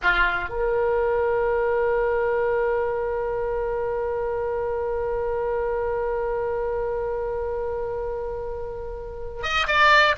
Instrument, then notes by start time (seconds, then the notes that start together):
oboe
0.02 F4
0.49 A#4
9.42 D#5
9.67 D5